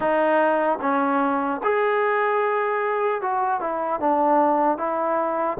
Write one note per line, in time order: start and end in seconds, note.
0.00 0.79 D#4
0.81 1.61 C#4
1.63 3.21 G#4
3.21 3.60 F#4
3.60 4.00 E4
4.00 4.77 D4
4.77 5.57 E4